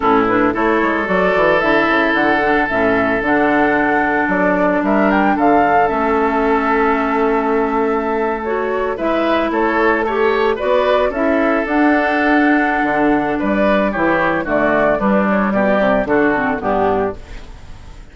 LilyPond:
<<
  \new Staff \with { instrumentName = "flute" } { \time 4/4 \tempo 4 = 112 a'8 b'8 cis''4 d''4 e''4 | fis''4 e''4 fis''2 | d''4 e''8 g''8 f''4 e''4~ | e''2.~ e''8. cis''16~ |
cis''8. e''4 cis''4 a'4 d''16~ | d''8. e''4 fis''2~ fis''16~ | fis''4 d''4 cis''4 d''4 | b'8 cis''8 d''4 a'4 g'4 | }
  \new Staff \with { instrumentName = "oboe" } { \time 4/4 e'4 a'2.~ | a'1~ | a'4 ais'4 a'2~ | a'1~ |
a'8. b'4 a'4 cis''4 b'16~ | b'8. a'2.~ a'16~ | a'4 b'4 g'4 fis'4 | d'4 g'4 fis'4 d'4 | }
  \new Staff \with { instrumentName = "clarinet" } { \time 4/4 cis'8 d'8 e'4 fis'4 e'4~ | e'8 d'8 cis'4 d'2~ | d'2. cis'4~ | cis'2.~ cis'8. fis'16~ |
fis'8. e'2 g'4 fis'16~ | fis'8. e'4 d'2~ d'16~ | d'2 e'4 a4 | g2 d'8 c'8 b4 | }
  \new Staff \with { instrumentName = "bassoon" } { \time 4/4 a,4 a8 gis8 fis8 e8 d8 cis8 | d4 a,4 d2 | fis4 g4 d4 a4~ | a1~ |
a8. gis4 a2 b16~ | b8. cis'4 d'2~ d'16 | d4 g4 e4 d4 | g4 b,8 c8 d4 g,4 | }
>>